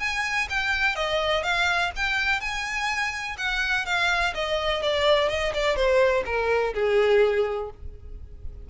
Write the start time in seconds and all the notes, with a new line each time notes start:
0.00 G#5
0.50 G5
0.96 D#5
1.43 F5
1.96 G5
2.41 G#5
3.38 F#5
3.86 F5
4.35 D#5
4.82 D5
5.29 D#5
5.54 D5
5.76 C5
6.26 A#4
6.74 G#4